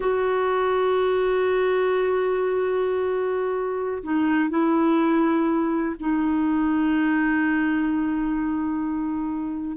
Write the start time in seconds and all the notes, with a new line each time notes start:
0.00 F#4
4.03 D#4
4.49 E4
5.99 D#4